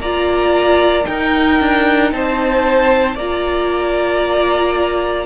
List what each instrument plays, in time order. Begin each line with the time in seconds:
0.00 cello A#3, viola F4, violin D5 A#5
1.04 viola D#4, cello D#4, violin A#4 G5
1.60 cello D4
2.12 cello C4, violin C5 A5
3.15 cello A#3, viola F4, violin D5 A#5